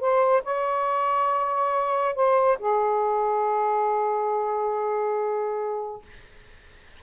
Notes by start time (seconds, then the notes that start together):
0.00 C5
0.44 C#5
2.15 C5
2.59 G#4